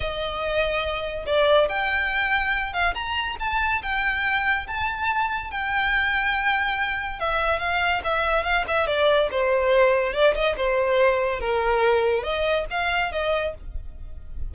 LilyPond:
\new Staff \with { instrumentName = "violin" } { \time 4/4 \tempo 4 = 142 dis''2. d''4 | g''2~ g''8 f''8 ais''4 | a''4 g''2 a''4~ | a''4 g''2.~ |
g''4 e''4 f''4 e''4 | f''8 e''8 d''4 c''2 | d''8 dis''8 c''2 ais'4~ | ais'4 dis''4 f''4 dis''4 | }